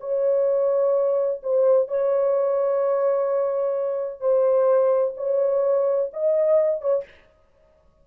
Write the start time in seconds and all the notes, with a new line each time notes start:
0.00 C#5
1.43 C5
1.88 C#5
4.20 C5
5.17 C#5
6.13 D#5
6.81 C#5